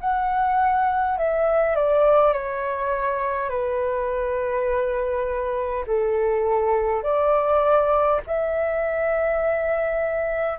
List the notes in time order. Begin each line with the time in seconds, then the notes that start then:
0.00 F#5
1.18 E5
1.75 D5
2.33 C#5
3.49 B4
5.87 A4
7.03 D5
8.26 E5